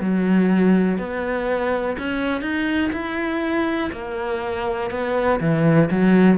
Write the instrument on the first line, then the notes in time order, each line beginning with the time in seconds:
cello
0.00 F#3
0.98 B3
1.98 C#4
2.41 D#4
2.93 E4
3.92 A#3
4.91 B3
5.40 E3
5.91 F#3